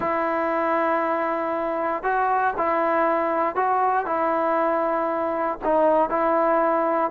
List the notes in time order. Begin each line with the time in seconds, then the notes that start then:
0.00 E4
2.03 F#4
2.57 E4
3.55 F#4
4.06 E4
5.64 D#4
6.09 E4